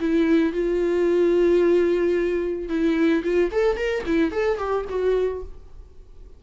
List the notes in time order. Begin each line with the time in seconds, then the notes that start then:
0.00 E4
0.53 F4
2.69 E4
3.24 F4
3.51 A4
3.77 A#4
4.06 E4
4.32 A4
4.58 G4
4.89 F#4